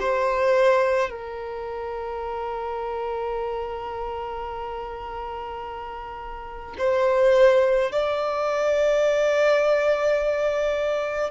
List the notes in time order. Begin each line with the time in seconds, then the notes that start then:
0.00 C5
1.10 A#4
6.79 C5
7.92 D5